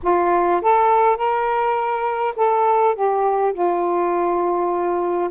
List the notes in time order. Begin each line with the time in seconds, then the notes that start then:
0.03 F4
0.61 A4
1.17 A#4
2.36 A4
2.95 G4
3.53 F4